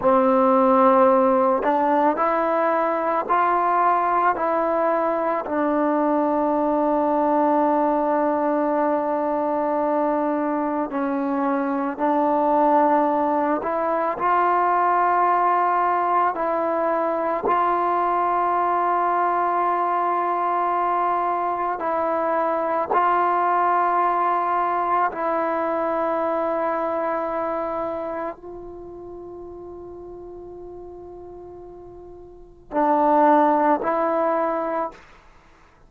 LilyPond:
\new Staff \with { instrumentName = "trombone" } { \time 4/4 \tempo 4 = 55 c'4. d'8 e'4 f'4 | e'4 d'2.~ | d'2 cis'4 d'4~ | d'8 e'8 f'2 e'4 |
f'1 | e'4 f'2 e'4~ | e'2 f'2~ | f'2 d'4 e'4 | }